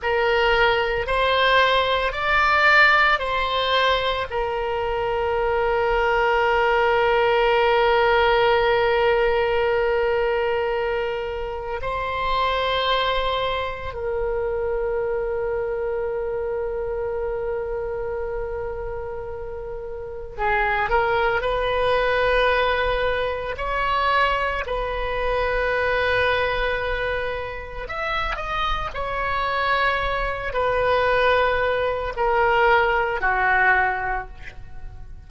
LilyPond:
\new Staff \with { instrumentName = "oboe" } { \time 4/4 \tempo 4 = 56 ais'4 c''4 d''4 c''4 | ais'1~ | ais'2. c''4~ | c''4 ais'2.~ |
ais'2. gis'8 ais'8 | b'2 cis''4 b'4~ | b'2 e''8 dis''8 cis''4~ | cis''8 b'4. ais'4 fis'4 | }